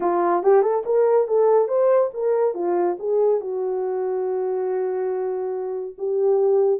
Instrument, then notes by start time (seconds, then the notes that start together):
horn
0.00 F4
0.43 G4
0.62 A4
0.85 A#4
1.27 A4
1.68 C5
2.13 A#4
2.54 F4
2.99 G#4
3.40 F#4
5.98 G4